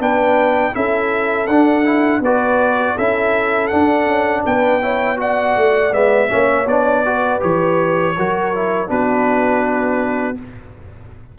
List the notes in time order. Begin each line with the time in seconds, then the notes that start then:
0.00 B3 D4 B4 G5
0.73 C#4 E4 A4 E5
1.48 D4 F#5
1.85 E4
2.21 B3 F#4 B4 D5
2.95 C#4 E4 A4 E5
3.68 D4 F#5
4.07 C#4
4.46 B3 B4 G5
4.82 E4 C#5
5.17 F#4 D5 F#5
5.57 A3
5.92 G#3 B3 E5
6.29 A#3 C#4 C#5
6.66 B3 D4 D5
7.06 F#4 B4
7.40 E3 G4 C#5
8.18 F#3 F#4 A#4
8.55 E4
8.87 B3 D4 F#4 B4